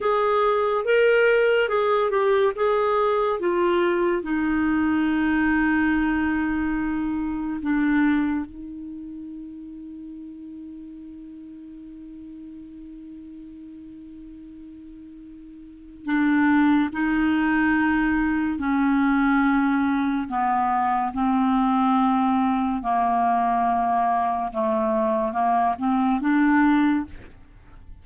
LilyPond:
\new Staff \with { instrumentName = "clarinet" } { \time 4/4 \tempo 4 = 71 gis'4 ais'4 gis'8 g'8 gis'4 | f'4 dis'2.~ | dis'4 d'4 dis'2~ | dis'1~ |
dis'2. d'4 | dis'2 cis'2 | b4 c'2 ais4~ | ais4 a4 ais8 c'8 d'4 | }